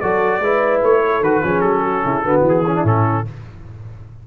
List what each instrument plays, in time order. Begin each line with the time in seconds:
0.00 tuba F#3, trombone F#4, horn A4, trumpet D5
0.39 tuba G#3, trombone E4, horn B4
0.83 tuba A3, trumpet C#5
1.08 horn A4
1.20 tuba D#3, trombone F#4, trumpet B4
1.42 tuba F3, trombone C#4, horn G#4
1.60 tuba F#3, trumpet A4
1.83 horn F#4
2.04 tuba C#3, horn E4
2.23 tuba D3, trombone B3, horn F#4
2.41 tuba E3
2.48 trumpet G#4
2.64 trombone C#4, horn E4
2.75 trombone D4
2.84 tuba A2, trombone C#4, trumpet A4